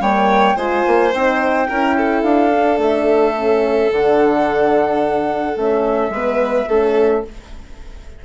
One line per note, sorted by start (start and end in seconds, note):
0.00 0.56 G3
0.00 0.56 A#3
0.00 0.56 C#5
0.00 0.57 G5
0.56 0.84 G#3
0.56 1.12 F4
0.56 1.67 C5
0.56 1.13 G#5
0.87 1.14 A#3
1.13 1.69 C4
1.13 1.68 D#4
1.13 2.23 G5
1.69 2.23 C#4
1.69 2.53 E4
1.69 1.96 A#4
1.97 6.13 A4
2.23 2.78 D4
2.23 2.78 F5
2.53 3.35 D4
2.78 3.89 A3
2.78 3.92 E5
3.35 3.90 C#4
3.90 5.56 D3
3.90 5.56 D4
3.90 5.58 F#5
5.56 6.09 A3
5.56 6.12 C#4
5.56 7.25 E5
6.09 6.65 G#3
6.09 6.69 B3
6.09 6.69 B4
6.69 7.24 A3
6.69 7.24 C#4
6.69 7.24 A4